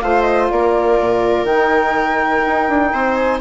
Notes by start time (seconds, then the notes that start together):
0.00 A3 F4 C5 F5
0.22 D#5
0.50 A#3 A#4 D5
1.00 A#2
1.44 D#3 D#4 G5
2.46 D#4
2.69 D4
2.93 C4 C5
3.14 G#5